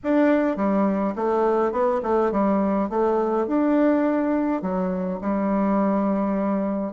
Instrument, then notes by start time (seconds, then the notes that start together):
bassoon
0.03 D4
0.56 G3
1.15 A3
1.72 B3
2.02 A3
2.31 G3
2.89 A3
3.47 D4
4.62 F#3
5.21 G3